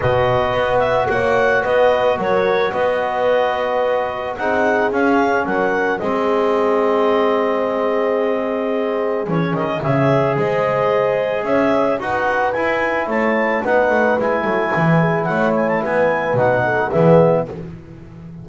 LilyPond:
<<
  \new Staff \with { instrumentName = "clarinet" } { \time 4/4 \tempo 4 = 110 dis''4. e''8 fis''4 dis''4 | cis''4 dis''2. | fis''4 f''4 fis''4 dis''4~ | dis''1~ |
dis''4 cis''8 dis''8 e''4 dis''4~ | dis''4 e''4 fis''4 gis''4 | a''4 fis''4 gis''2 | fis''8 gis''16 a''16 gis''4 fis''4 e''4 | }
  \new Staff \with { instrumentName = "horn" } { \time 4/4 b'2 cis''4 b'4 | ais'4 b'2. | gis'2 ais'4 gis'4~ | gis'1~ |
gis'2 cis''4 c''4~ | c''4 cis''4 b'2 | cis''4 b'4. a'8 b'8 gis'8 | cis''4 b'4. a'8 gis'4 | }
  \new Staff \with { instrumentName = "trombone" } { \time 4/4 fis'1~ | fis'1 | dis'4 cis'2 c'4~ | c'1~ |
c'4 cis'4 gis'2~ | gis'2 fis'4 e'4~ | e'4 dis'4 e'2~ | e'2 dis'4 b4 | }
  \new Staff \with { instrumentName = "double bass" } { \time 4/4 b,4 b4 ais4 b4 | fis4 b2. | c'4 cis'4 fis4 gis4~ | gis1~ |
gis4 e8 dis8 cis4 gis4~ | gis4 cis'4 dis'4 e'4 | a4 b8 a8 gis8 fis8 e4 | a4 b4 b,4 e4 | }
>>